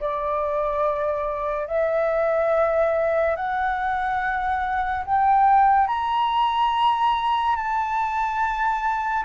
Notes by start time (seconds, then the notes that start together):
0.00 D5
1.67 E5
3.36 F#5
5.05 G5
5.87 A#5
7.56 A5